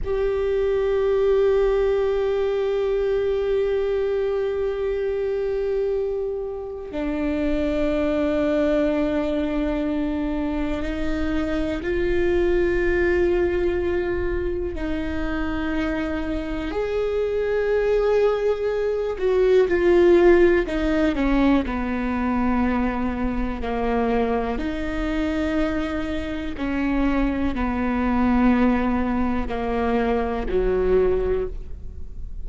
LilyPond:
\new Staff \with { instrumentName = "viola" } { \time 4/4 \tempo 4 = 61 g'1~ | g'2. d'4~ | d'2. dis'4 | f'2. dis'4~ |
dis'4 gis'2~ gis'8 fis'8 | f'4 dis'8 cis'8 b2 | ais4 dis'2 cis'4 | b2 ais4 fis4 | }